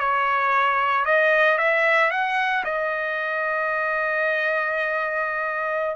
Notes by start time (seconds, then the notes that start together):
0.00 C#5
1.05 D#5
1.58 E5
2.11 F#5
2.65 D#5